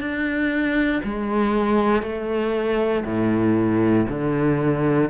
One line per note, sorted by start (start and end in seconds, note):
0.00 1.02 D4
1.04 2.02 G#3
2.02 3.04 A3
3.05 4.07 A2
4.09 5.10 D3